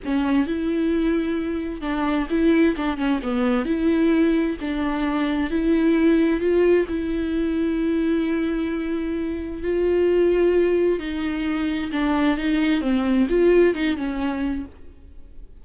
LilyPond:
\new Staff \with { instrumentName = "viola" } { \time 4/4 \tempo 4 = 131 cis'4 e'2. | d'4 e'4 d'8 cis'8 b4 | e'2 d'2 | e'2 f'4 e'4~ |
e'1~ | e'4 f'2. | dis'2 d'4 dis'4 | c'4 f'4 dis'8 cis'4. | }